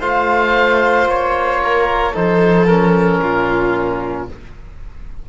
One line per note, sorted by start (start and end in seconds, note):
0.00 1.06 A3
0.00 2.14 F4
0.00 1.61 C5
0.00 1.08 F5
1.06 2.13 A#3
1.06 2.16 C#5
1.64 2.14 A#4
2.14 3.21 F3
2.14 2.68 D#4
2.14 3.21 A4
2.14 2.67 C5
2.67 4.29 C#4
2.67 4.27 A#4
3.21 4.29 A#2
3.21 4.29 F4